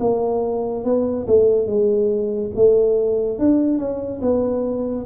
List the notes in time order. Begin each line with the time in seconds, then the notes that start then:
0.00 A#3
0.85 B3
1.27 A3
1.67 G#3
2.55 A3
3.39 D4
3.79 C#4
4.22 B3